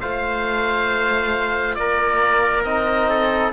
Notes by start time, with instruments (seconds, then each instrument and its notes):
0.00 cello A3, trombone F4, trumpet C5, oboe F5
1.75 cello A#3, trumpet A#4, oboe D5
2.64 cello C4, trombone D#4, oboe D#5
3.09 trumpet A4